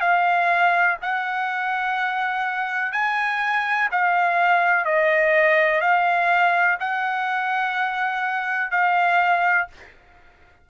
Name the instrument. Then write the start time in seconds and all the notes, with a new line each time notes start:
trumpet
0.00 F5
1.01 F#5
2.92 G#5
3.91 F5
4.85 D#5
5.81 F5
6.80 F#5
8.71 F5